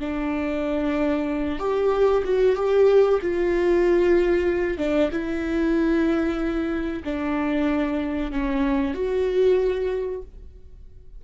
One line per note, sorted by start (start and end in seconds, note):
0.00 1.59 D4
1.59 2.23 G4
2.25 2.56 F#4
2.56 3.20 G4
3.22 4.78 F4
4.78 5.10 D4
5.12 7.03 E4
7.05 8.32 D4
8.32 8.94 C#4
8.94 10.22 F#4